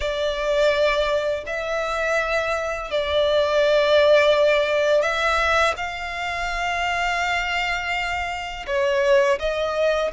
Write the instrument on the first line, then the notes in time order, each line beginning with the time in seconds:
violin
0.00 D5
1.46 E5
2.90 D5
5.01 E5
5.76 F5
8.66 C#5
9.39 D#5